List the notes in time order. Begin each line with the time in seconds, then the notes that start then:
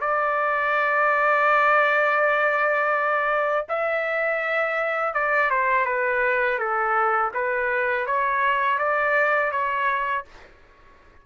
0.00 D5
3.69 E5
5.14 D5
5.50 C5
5.86 B4
6.59 A4
7.34 B4
8.06 C#5
8.78 D5
9.52 C#5